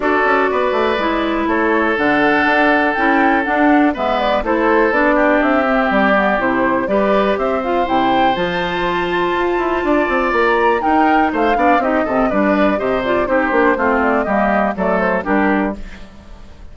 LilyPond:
<<
  \new Staff \with { instrumentName = "flute" } { \time 4/4 \tempo 4 = 122 d''2. cis''4 | fis''2 g''4 fis''4 | e''8 d''8 c''4 d''4 e''4 | d''4 c''4 d''4 e''8 f''8 |
g''4 a''2.~ | a''4 ais''4 g''4 f''4 | dis''4 d''4 dis''8 d''8 c''4~ | c''8 d''8 dis''4 d''8 c''8 ais'4 | }
  \new Staff \with { instrumentName = "oboe" } { \time 4/4 a'4 b'2 a'4~ | a'1 | b'4 a'4. g'4.~ | g'2 b'4 c''4~ |
c''1 | d''2 ais'4 c''8 d''8 | g'8 a'8 b'4 c''4 g'4 | f'4 g'4 a'4 g'4 | }
  \new Staff \with { instrumentName = "clarinet" } { \time 4/4 fis'2 e'2 | d'2 e'4 d'4 | b4 e'4 d'4. c'8~ | c'8 b8 e'4 g'4. f'8 |
e'4 f'2.~ | f'2 dis'4. d'8 | dis'8 c'8 d'4 g'8 f'8 dis'8 d'8 | c'4 ais4 a4 d'4 | }
  \new Staff \with { instrumentName = "bassoon" } { \time 4/4 d'8 cis'8 b8 a8 gis4 a4 | d4 d'4 cis'4 d'4 | gis4 a4 b4 c'4 | g4 c4 g4 c'4 |
c4 f2 f'8 e'8 | d'8 c'8 ais4 dis'4 a8 b8 | c'8 c8 g4 c4 c'8 ais8 | a4 g4 fis4 g4 | }
>>